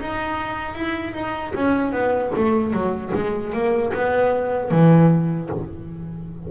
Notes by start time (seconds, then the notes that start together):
0.00 D#4
0.75 E4
1.13 D#4
1.55 C#4
1.92 B3
2.35 A3
2.73 F#3
3.15 G#3
3.53 A#3
3.94 B3
4.71 E3